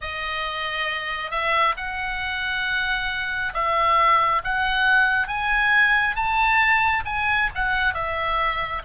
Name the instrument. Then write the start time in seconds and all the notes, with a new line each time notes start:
oboe
0.01 D#5
1.30 E5
1.76 F#5
3.53 E5
4.44 F#5
5.27 G#5
6.15 A5
7.05 G#5
7.54 F#5
7.94 E5